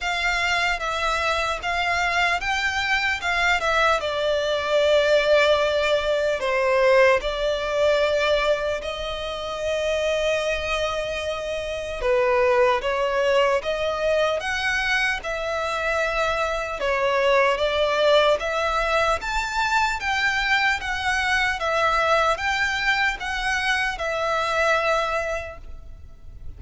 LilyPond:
\new Staff \with { instrumentName = "violin" } { \time 4/4 \tempo 4 = 75 f''4 e''4 f''4 g''4 | f''8 e''8 d''2. | c''4 d''2 dis''4~ | dis''2. b'4 |
cis''4 dis''4 fis''4 e''4~ | e''4 cis''4 d''4 e''4 | a''4 g''4 fis''4 e''4 | g''4 fis''4 e''2 | }